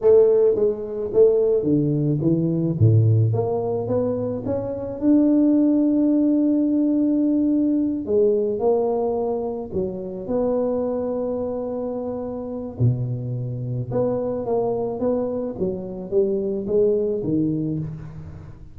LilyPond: \new Staff \with { instrumentName = "tuba" } { \time 4/4 \tempo 4 = 108 a4 gis4 a4 d4 | e4 a,4 ais4 b4 | cis'4 d'2.~ | d'2~ d'8 gis4 ais8~ |
ais4. fis4 b4.~ | b2. b,4~ | b,4 b4 ais4 b4 | fis4 g4 gis4 dis4 | }